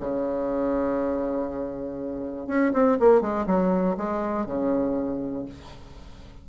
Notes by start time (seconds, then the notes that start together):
0.00 C#3
2.47 C#4
2.73 C4
3.00 A#3
3.21 G#3
3.46 F#3
3.97 G#3
4.46 C#3